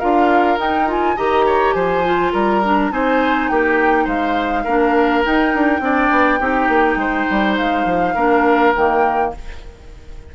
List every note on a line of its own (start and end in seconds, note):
0.00 0.58 D4
0.00 0.58 F4
0.00 1.17 A#4
0.00 0.58 F5
0.58 1.17 D#4
0.58 0.88 D#4
0.58 0.90 G5
0.88 1.17 F4
0.88 1.18 G#5
1.17 1.75 D#3
1.17 2.05 G4
1.17 1.46 D#5
1.17 1.74 A#5
1.46 1.75 C#5
1.74 2.33 F3
1.74 2.33 C5
1.74 2.32 G#5
2.05 2.63 F4
2.33 2.91 G3
2.33 2.91 A#4
2.33 2.92 A#5
2.65 2.92 D4
2.91 3.50 C4
2.91 4.67 D#4
2.91 3.51 C5
2.91 3.49 G#5
3.49 4.07 A#3
3.49 4.05 G4
3.49 4.07 G5
4.05 4.65 G#3
4.05 4.63 C5
4.05 5.25 F5
4.64 5.25 A#3
4.64 5.25 D4
4.64 5.81 A#4
5.25 5.82 D#4
5.25 5.55 D#4
5.25 7.57 G5
5.55 5.81 D4
5.81 6.10 C4
5.81 6.40 D4
5.81 6.40 D5
6.11 6.40 B3
6.40 6.69 C4
6.40 8.15 D#4
6.40 6.98 G4
6.69 6.96 A#3
6.96 7.25 G#3
6.96 8.15 C5
7.31 7.59 G3
7.57 7.85 G#3
7.57 8.74 F5
7.85 8.15 F3
8.15 8.74 A#3
8.15 8.75 D4
8.15 9.31 A#4
8.76 9.35 D#3
8.76 9.36 A#3
8.76 9.34 G5